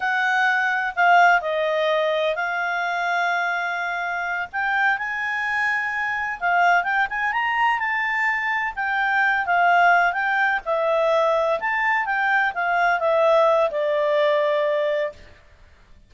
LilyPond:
\new Staff \with { instrumentName = "clarinet" } { \time 4/4 \tempo 4 = 127 fis''2 f''4 dis''4~ | dis''4 f''2.~ | f''4. g''4 gis''4.~ | gis''4. f''4 g''8 gis''8 ais''8~ |
ais''8 a''2 g''4. | f''4. g''4 e''4.~ | e''8 a''4 g''4 f''4 e''8~ | e''4 d''2. | }